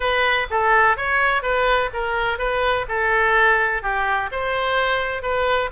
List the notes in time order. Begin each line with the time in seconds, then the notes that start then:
0.00 B4
0.50 A4
0.96 C#5
1.42 B4
1.93 A#4
2.38 B4
2.88 A4
3.82 G4
4.31 C5
5.22 B4